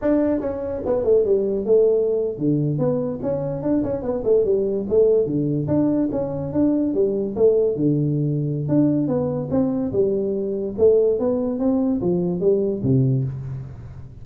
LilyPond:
\new Staff \with { instrumentName = "tuba" } { \time 4/4 \tempo 4 = 145 d'4 cis'4 b8 a8 g4 | a4.~ a16 d4 b4 cis'16~ | cis'8. d'8 cis'8 b8 a8 g4 a16~ | a8. d4 d'4 cis'4 d'16~ |
d'8. g4 a4 d4~ d16~ | d4 d'4 b4 c'4 | g2 a4 b4 | c'4 f4 g4 c4 | }